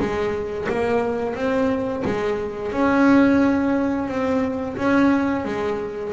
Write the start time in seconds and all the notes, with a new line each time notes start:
0.00 G#3
0.69 A#3
1.36 C4
2.05 G#3
2.72 C#4
4.08 C4
4.77 C#4
5.45 G#3